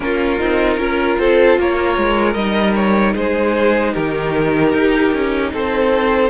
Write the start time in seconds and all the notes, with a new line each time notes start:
0.00 A#3 C#4 F4 A#4
0.39 C4 D#4
0.77 C#4 F4 A#4
1.18 C4 A4 C5
1.58 A#3 A#4 C#5
1.97 G#3
2.33 G3 D#4 D#5
2.75 C#5
3.13 G#3 G#4 C5
3.93 D#3 G4 A#4
4.73 D#4
5.12 C#4
5.52 C4 A4 C5